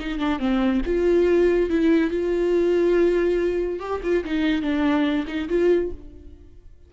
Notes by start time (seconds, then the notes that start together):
0.00 D#4
0.19 D4
0.40 C4
0.86 F4
1.70 E4
2.11 F4
3.80 G4
4.04 F4
4.25 D#4
4.62 D4
5.28 D#4
5.49 F4